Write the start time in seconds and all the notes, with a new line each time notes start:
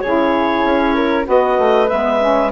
0.00 C#3 E4 G#4 C#5
0.64 C#4
0.95 A#4
1.24 B3 F#4 B4 D#5
1.59 A3
1.88 G#3 B3 E5
2.21 C#4